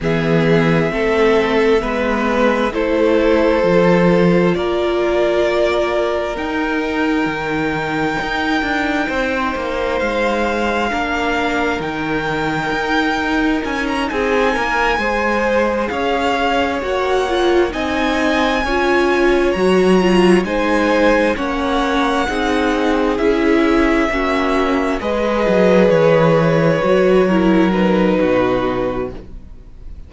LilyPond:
<<
  \new Staff \with { instrumentName = "violin" } { \time 4/4 \tempo 4 = 66 e''2. c''4~ | c''4 d''2 g''4~ | g''2. f''4~ | f''4 g''2 gis''16 ais''16 gis''8~ |
gis''4. f''4 fis''4 gis''8~ | gis''4. ais''4 gis''4 fis''8~ | fis''4. e''2 dis''8~ | dis''8 cis''2 b'4. | }
  \new Staff \with { instrumentName = "violin" } { \time 4/4 gis'4 a'4 b'4 a'4~ | a'4 ais'2.~ | ais'2 c''2 | ais'2.~ ais'8 gis'8 |
ais'8 c''4 cis''2 dis''8~ | dis''8 cis''2 c''4 cis''8~ | cis''8 gis'2 fis'4 b'8~ | b'2 ais'4 fis'4 | }
  \new Staff \with { instrumentName = "viola" } { \time 4/4 b4 c'4 b4 e'4 | f'2. dis'4~ | dis'1 | d'4 dis'2.~ |
dis'8 gis'2 fis'8 f'8 dis'8~ | dis'8 f'4 fis'8 f'8 dis'4 cis'8~ | cis'8 dis'4 e'4 cis'4 gis'8~ | gis'4. fis'8 e'8 dis'4. | }
  \new Staff \with { instrumentName = "cello" } { \time 4/4 e4 a4 gis4 a4 | f4 ais2 dis'4 | dis4 dis'8 d'8 c'8 ais8 gis4 | ais4 dis4 dis'4 cis'8 c'8 |
ais8 gis4 cis'4 ais4 c'8~ | c'8 cis'4 fis4 gis4 ais8~ | ais8 c'4 cis'4 ais4 gis8 | fis8 e4 fis4. b,4 | }
>>